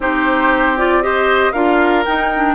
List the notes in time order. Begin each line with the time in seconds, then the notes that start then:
0.00 C4 D#4 G4 C5
0.77 F4 D5
1.02 G4 C5 D#5
1.52 D4 F4 A#4 F5
2.05 D#4 G5
2.35 D4